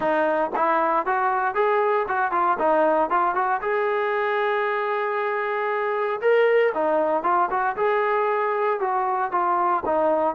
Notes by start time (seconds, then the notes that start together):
0.00 D#4
0.55 E4
1.06 F#4
1.54 G#4
2.08 F#4
2.31 F4
2.59 D#4
3.09 F4
3.35 F#4
3.61 G#4
6.21 A#4
6.74 D#4
7.23 F4
7.50 F#4
7.76 G#4
8.79 F#4
9.31 F4
9.85 D#4